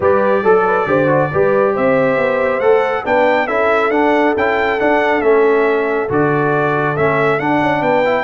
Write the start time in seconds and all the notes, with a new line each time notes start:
0.00 G3 G4 B4 D5
0.43 F#3 A4
0.65 B4
0.86 D3 G4 C5
1.07 F#4
1.33 G3 G4 B4
1.73 C4 C5 E5
2.16 B3
2.60 A3 A4 F#5
3.04 B3 D4 B4 G5
3.46 C#4 E4 A4 E5
3.89 D4 F#5
4.36 C#4 E4 G5
4.79 D4 F#5
5.20 A3 C#4 E5
6.09 D3 F#4 D5
6.96 A3 C#4 E5
7.39 D4 F#5
7.61 C#4
7.81 B3 B4 G5
8.05 E4